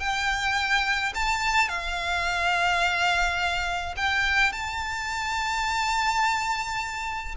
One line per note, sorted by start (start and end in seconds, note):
0.00 1.13 G5
1.15 1.69 A5
1.69 3.95 F5
3.97 4.52 G5
4.52 7.35 A5